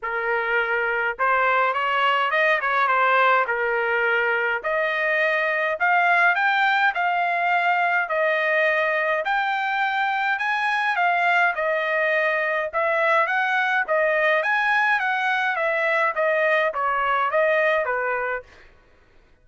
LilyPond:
\new Staff \with { instrumentName = "trumpet" } { \time 4/4 \tempo 4 = 104 ais'2 c''4 cis''4 | dis''8 cis''8 c''4 ais'2 | dis''2 f''4 g''4 | f''2 dis''2 |
g''2 gis''4 f''4 | dis''2 e''4 fis''4 | dis''4 gis''4 fis''4 e''4 | dis''4 cis''4 dis''4 b'4 | }